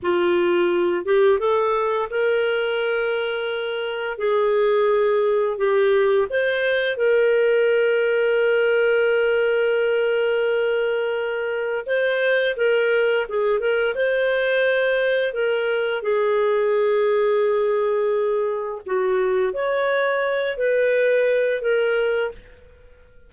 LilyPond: \new Staff \with { instrumentName = "clarinet" } { \time 4/4 \tempo 4 = 86 f'4. g'8 a'4 ais'4~ | ais'2 gis'2 | g'4 c''4 ais'2~ | ais'1~ |
ais'4 c''4 ais'4 gis'8 ais'8 | c''2 ais'4 gis'4~ | gis'2. fis'4 | cis''4. b'4. ais'4 | }